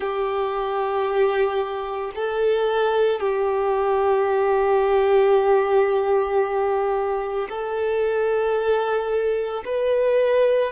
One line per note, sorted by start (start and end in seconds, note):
0.00 2.11 G4
2.15 3.19 A4
3.19 7.48 G4
7.49 9.63 A4
9.65 10.72 B4